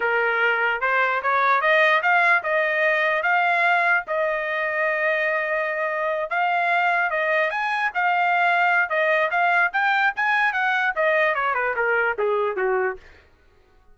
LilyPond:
\new Staff \with { instrumentName = "trumpet" } { \time 4/4 \tempo 4 = 148 ais'2 c''4 cis''4 | dis''4 f''4 dis''2 | f''2 dis''2~ | dis''2.~ dis''8 f''8~ |
f''4. dis''4 gis''4 f''8~ | f''2 dis''4 f''4 | g''4 gis''4 fis''4 dis''4 | cis''8 b'8 ais'4 gis'4 fis'4 | }